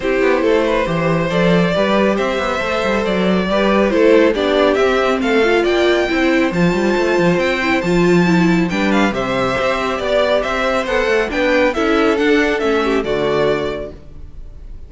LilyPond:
<<
  \new Staff \with { instrumentName = "violin" } { \time 4/4 \tempo 4 = 138 c''2. d''4~ | d''4 e''2 d''4~ | d''4 c''4 d''4 e''4 | f''4 g''2 a''4~ |
a''4 g''4 a''2 | g''8 f''8 e''2 d''4 | e''4 fis''4 g''4 e''4 | fis''4 e''4 d''2 | }
  \new Staff \with { instrumentName = "violin" } { \time 4/4 g'4 a'8 b'8 c''2 | b'4 c''2. | b'4 a'4 g'2 | a'4 d''4 c''2~ |
c''1 | b'4 c''2 d''4 | c''2 b'4 a'4~ | a'4. g'8 fis'2 | }
  \new Staff \with { instrumentName = "viola" } { \time 4/4 e'2 g'4 a'4 | g'2 a'2 | g'4 e'4 d'4 c'4~ | c'8 f'4. e'4 f'4~ |
f'4. e'8 f'4 e'4 | d'4 g'2.~ | g'4 a'4 d'4 e'4 | d'4 cis'4 a2 | }
  \new Staff \with { instrumentName = "cello" } { \time 4/4 c'8 b8 a4 e4 f4 | g4 c'8 b8 a8 g8 fis4 | g4 a4 b4 c'4 | a4 ais4 c'4 f8 g8 |
a8 f8 c'4 f2 | g4 c4 c'4 b4 | c'4 b8 a8 b4 cis'4 | d'4 a4 d2 | }
>>